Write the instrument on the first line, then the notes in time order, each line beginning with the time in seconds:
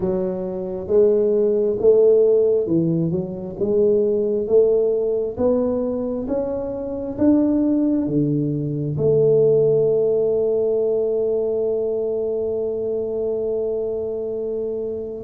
tuba
0.00 F#3
0.87 G#3
1.79 A3
2.66 E3
3.11 F#3
3.59 G#3
4.47 A3
5.37 B3
6.27 C#4
7.18 D4
8.07 D3
8.98 A3